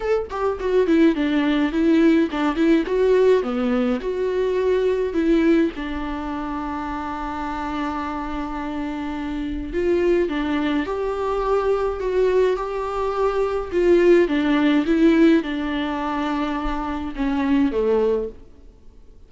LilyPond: \new Staff \with { instrumentName = "viola" } { \time 4/4 \tempo 4 = 105 a'8 g'8 fis'8 e'8 d'4 e'4 | d'8 e'8 fis'4 b4 fis'4~ | fis'4 e'4 d'2~ | d'1~ |
d'4 f'4 d'4 g'4~ | g'4 fis'4 g'2 | f'4 d'4 e'4 d'4~ | d'2 cis'4 a4 | }